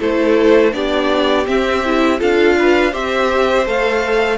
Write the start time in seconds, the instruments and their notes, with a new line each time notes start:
0.00 cello A3, viola E4, violin A4 C5
0.73 cello B3, viola D4, violin G4 D5
1.46 viola C4, cello C4, violin E5
1.85 viola E4
2.19 cello D4, viola F4, violin A4 F5
2.59 violin B4
2.92 cello C4, viola G4, violin C5 E5
3.67 cello A3, viola A4, violin F5